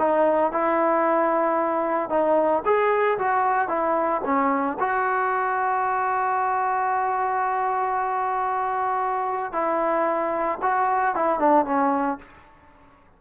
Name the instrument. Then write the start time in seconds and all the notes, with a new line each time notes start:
trombone
0.00 D#4
0.53 E4
2.10 D#4
2.66 G#4
3.19 F#4
3.69 E4
4.25 C#4
4.80 F#4
9.53 E4
10.63 F#4
11.16 E4
11.40 D4
11.66 C#4